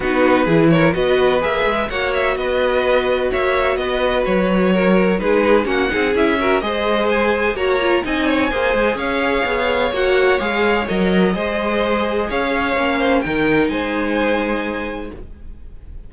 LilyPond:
<<
  \new Staff \with { instrumentName = "violin" } { \time 4/4 \tempo 4 = 127 b'4. cis''8 dis''4 e''4 | fis''8 e''8 dis''2 e''4 | dis''4 cis''2 b'4 | fis''4 e''4 dis''4 gis''4 |
ais''4 gis''2 f''4~ | f''4 fis''4 f''4 dis''4~ | dis''2 f''2 | g''4 gis''2. | }
  \new Staff \with { instrumentName = "violin" } { \time 4/4 fis'4 gis'8 ais'8 b'2 | cis''4 b'2 cis''4 | b'2 ais'4 gis'4 | fis'8 gis'4 ais'8 c''2 |
cis''4 dis''8 cis''8 c''4 cis''4~ | cis''1 | c''2 cis''4. c''8 | ais'4 c''2. | }
  \new Staff \with { instrumentName = "viola" } { \time 4/4 dis'4 e'4 fis'4 gis'4 | fis'1~ | fis'2. dis'4 | cis'8 dis'8 e'8 fis'8 gis'2 |
fis'8 f'8 dis'4 gis'2~ | gis'4 fis'4 gis'4 ais'4 | gis'2. cis'4 | dis'1 | }
  \new Staff \with { instrumentName = "cello" } { \time 4/4 b4 e4 b4 ais8 gis8 | ais4 b2 ais4 | b4 fis2 gis4 | ais8 c'8 cis'4 gis2 |
ais4 c'4 ais8 gis8 cis'4 | b4 ais4 gis4 fis4 | gis2 cis'4 ais4 | dis4 gis2. | }
>>